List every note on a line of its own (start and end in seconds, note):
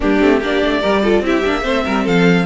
0.00 0.21 G3
0.00 0.20 A#3
0.00 0.38 D4
0.00 0.43 G4
0.20 0.41 A3
0.20 0.41 C4
0.38 0.62 A#3
0.38 0.82 D4
0.38 0.80 G4
0.38 1.25 D5
0.62 0.83 A3
0.81 1.20 G3
0.81 1.03 G4
0.81 1.02 A#4
1.03 1.23 F4
1.03 1.23 A4
1.20 1.41 C4
1.20 1.44 E4
1.20 1.63 G4
1.20 2.07 E5
1.44 1.64 A#3
1.44 1.61 D4
1.61 1.85 A3
1.61 2.43 C4
1.61 1.83 C5
1.85 2.07 G3
1.85 2.04 A#4
2.04 2.45 F3
2.04 2.45 A4
2.04 2.45 F5